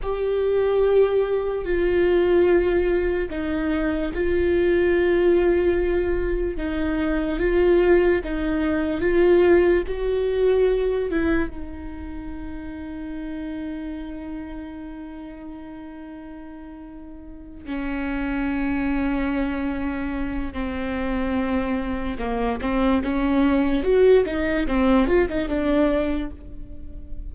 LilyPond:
\new Staff \with { instrumentName = "viola" } { \time 4/4 \tempo 4 = 73 g'2 f'2 | dis'4 f'2. | dis'4 f'4 dis'4 f'4 | fis'4. e'8 dis'2~ |
dis'1~ | dis'4. cis'2~ cis'8~ | cis'4 c'2 ais8 c'8 | cis'4 fis'8 dis'8 c'8 f'16 dis'16 d'4 | }